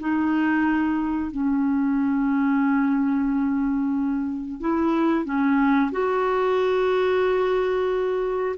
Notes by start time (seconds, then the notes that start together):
0.00 D#4
1.32 C#4
4.61 E4
5.25 C#4
5.92 F#4